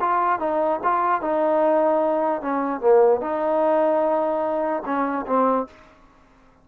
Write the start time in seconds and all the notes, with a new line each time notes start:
0.00 F4
0.39 D#4
0.83 F4
1.21 D#4
2.41 C#4
2.80 A#3
3.21 D#4
4.85 C#4
5.26 C4